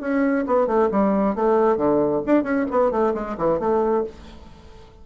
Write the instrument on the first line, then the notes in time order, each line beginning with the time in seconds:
bassoon
0.00 C#4
0.46 B3
0.67 A3
0.91 G3
1.35 A3
1.77 D3
2.26 D4
2.43 C#4
2.71 B3
2.91 A3
3.14 G#3
3.37 E3
3.59 A3